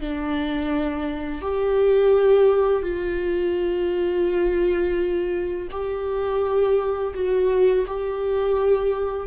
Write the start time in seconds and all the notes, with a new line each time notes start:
0.00 D4
1.42 G4
2.82 F4
5.71 G4
7.14 F#4
7.87 G4